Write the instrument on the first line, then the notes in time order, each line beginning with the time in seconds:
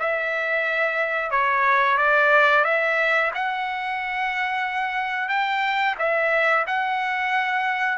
trumpet
0.00 E5
1.31 C#5
1.98 D5
2.65 E5
3.35 F#5
5.29 G5
5.99 E5
6.67 F#5